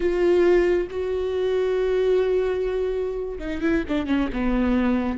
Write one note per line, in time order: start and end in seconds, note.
0.00 0.87 F4
0.90 3.38 F#4
3.39 3.61 D#4
3.61 3.84 E4
3.88 4.06 D4
4.06 4.29 C#4
4.32 5.18 B3